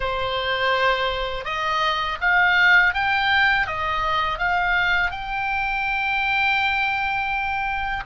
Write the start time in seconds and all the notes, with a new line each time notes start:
0.00 C5
1.44 D#5
2.21 F5
2.93 G5
3.66 D#5
4.38 F5
5.11 G5